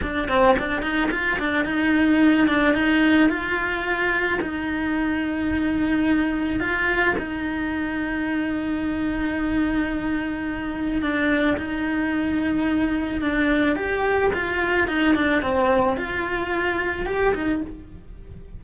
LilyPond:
\new Staff \with { instrumentName = "cello" } { \time 4/4 \tempo 4 = 109 d'8 c'8 d'8 dis'8 f'8 d'8 dis'4~ | dis'8 d'8 dis'4 f'2 | dis'1 | f'4 dis'2.~ |
dis'1 | d'4 dis'2. | d'4 g'4 f'4 dis'8 d'8 | c'4 f'2 g'8 dis'8 | }